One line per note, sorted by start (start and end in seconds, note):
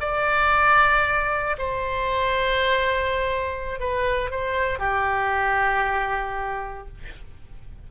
0.00 1.57 D5
1.58 3.80 C5
3.80 4.31 B4
4.31 4.79 C5
4.79 6.88 G4